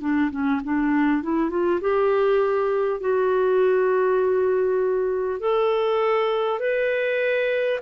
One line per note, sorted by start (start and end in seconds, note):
0.00 0.30 D4
0.30 0.60 C#4
0.64 1.22 D4
1.22 1.49 E4
1.49 1.79 F4
1.81 3.00 G4
3.00 5.39 F#4
5.39 6.59 A4
6.59 7.79 B4